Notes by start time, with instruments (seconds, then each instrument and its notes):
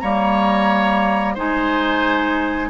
0.00 bassoon G3, clarinet A#3, oboe C#5, flute A#5
1.35 bassoon G#3, clarinet D#4, oboe C5, flute G#5